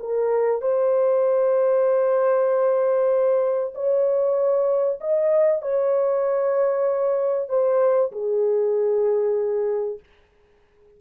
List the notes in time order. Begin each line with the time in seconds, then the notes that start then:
0.00 A#4
0.61 C5
3.74 C#5
5.01 D#5
5.62 C#5
7.49 C5
8.12 G#4